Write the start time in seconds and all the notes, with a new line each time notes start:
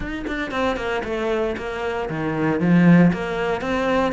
0.00 D#4
0.27 D4
0.51 C4
0.76 A#3
1.04 A3
1.57 A#3
2.09 D#3
2.60 F3
3.12 A#3
3.61 C4